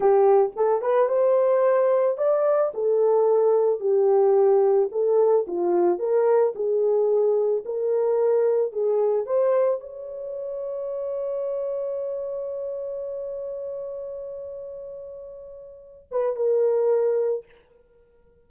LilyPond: \new Staff \with { instrumentName = "horn" } { \time 4/4 \tempo 4 = 110 g'4 a'8 b'8 c''2 | d''4 a'2 g'4~ | g'4 a'4 f'4 ais'4 | gis'2 ais'2 |
gis'4 c''4 cis''2~ | cis''1~ | cis''1~ | cis''4. b'8 ais'2 | }